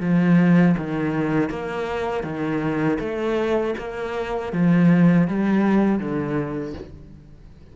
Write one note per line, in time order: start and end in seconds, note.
0.00 0.75 F3
0.77 1.50 D#3
1.50 2.23 A#3
2.23 2.98 D#3
2.99 3.74 A3
3.78 4.52 A#3
4.52 5.27 F3
5.27 5.99 G3
5.99 6.74 D3